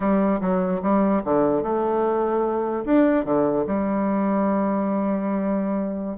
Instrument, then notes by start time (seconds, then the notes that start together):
bassoon
0.00 G3
0.40 F#3
0.82 G3
1.24 D3
1.62 A3
2.85 D4
3.24 D3
3.67 G3